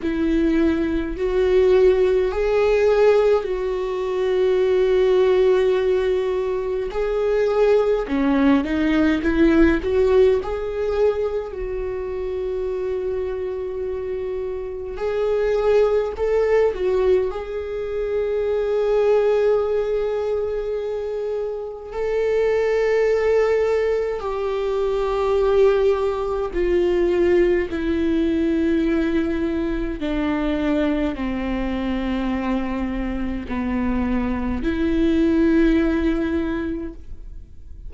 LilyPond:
\new Staff \with { instrumentName = "viola" } { \time 4/4 \tempo 4 = 52 e'4 fis'4 gis'4 fis'4~ | fis'2 gis'4 cis'8 dis'8 | e'8 fis'8 gis'4 fis'2~ | fis'4 gis'4 a'8 fis'8 gis'4~ |
gis'2. a'4~ | a'4 g'2 f'4 | e'2 d'4 c'4~ | c'4 b4 e'2 | }